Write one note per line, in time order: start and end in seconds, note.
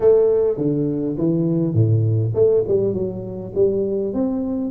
0.00 0.57 A3
0.57 1.16 D3
1.17 1.74 E3
1.74 2.32 A2
2.34 2.64 A3
2.67 2.93 G3
2.93 3.52 F#3
3.55 4.13 G3
4.13 4.70 C4